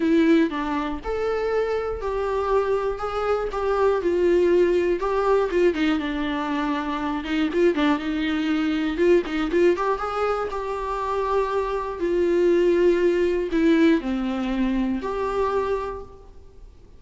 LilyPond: \new Staff \with { instrumentName = "viola" } { \time 4/4 \tempo 4 = 120 e'4 d'4 a'2 | g'2 gis'4 g'4 | f'2 g'4 f'8 dis'8 | d'2~ d'8 dis'8 f'8 d'8 |
dis'2 f'8 dis'8 f'8 g'8 | gis'4 g'2. | f'2. e'4 | c'2 g'2 | }